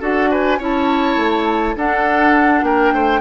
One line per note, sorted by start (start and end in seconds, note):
0.00 0.59 D4
0.00 0.59 F#4
0.00 0.29 A4
0.00 0.31 F#5
0.31 0.59 B4
0.31 0.60 G#5
0.59 1.16 C#4
0.59 1.76 E4
0.59 1.75 C#5
0.59 1.77 A5
1.16 1.75 A3
1.76 2.63 D4
1.76 3.20 D4
1.76 2.65 A4
1.76 2.64 F#5
2.63 2.92 A#3
2.63 2.94 A#4
2.63 3.20 G5
2.93 3.20 A3
2.93 3.20 C5